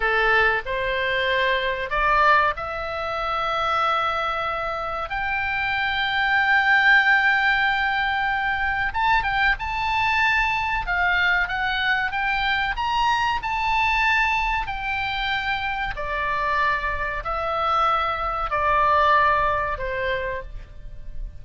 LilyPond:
\new Staff \with { instrumentName = "oboe" } { \time 4/4 \tempo 4 = 94 a'4 c''2 d''4 | e''1 | g''1~ | g''2 a''8 g''8 a''4~ |
a''4 f''4 fis''4 g''4 | ais''4 a''2 g''4~ | g''4 d''2 e''4~ | e''4 d''2 c''4 | }